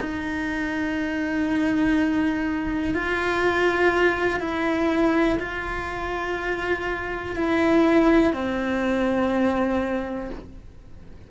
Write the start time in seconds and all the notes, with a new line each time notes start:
0.00 D#4
2.94 F4
4.40 E4
5.39 F4
7.36 E4
8.33 C4